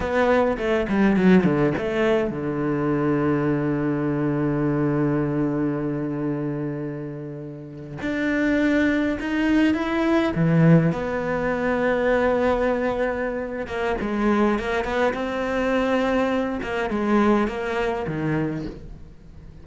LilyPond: \new Staff \with { instrumentName = "cello" } { \time 4/4 \tempo 4 = 103 b4 a8 g8 fis8 d8 a4 | d1~ | d1~ | d4.~ d16 d'2 dis'16~ |
dis'8. e'4 e4 b4~ b16~ | b2.~ b8 ais8 | gis4 ais8 b8 c'2~ | c'8 ais8 gis4 ais4 dis4 | }